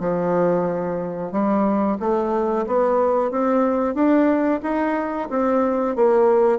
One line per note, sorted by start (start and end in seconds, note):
0.00 1.32 F3
1.32 1.98 G3
2.00 2.66 A3
2.66 3.31 B3
3.31 3.94 C4
3.94 4.60 D4
4.62 5.28 D#4
5.30 5.96 C4
5.96 6.59 A#3